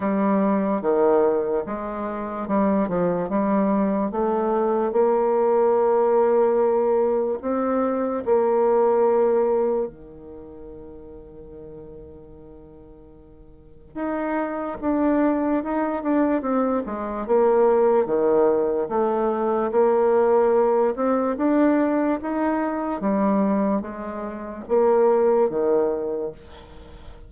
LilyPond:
\new Staff \with { instrumentName = "bassoon" } { \time 4/4 \tempo 4 = 73 g4 dis4 gis4 g8 f8 | g4 a4 ais2~ | ais4 c'4 ais2 | dis1~ |
dis4 dis'4 d'4 dis'8 d'8 | c'8 gis8 ais4 dis4 a4 | ais4. c'8 d'4 dis'4 | g4 gis4 ais4 dis4 | }